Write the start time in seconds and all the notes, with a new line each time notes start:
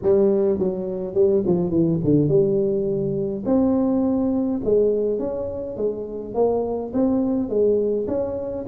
0.02 G3
0.58 F#3
1.14 G3
1.46 F3
1.70 E3
2.03 D3
2.28 G3
3.45 C4
4.64 G#3
5.19 C#4
5.77 G#3
6.34 A#3
6.93 C4
7.49 G#3
8.07 C#4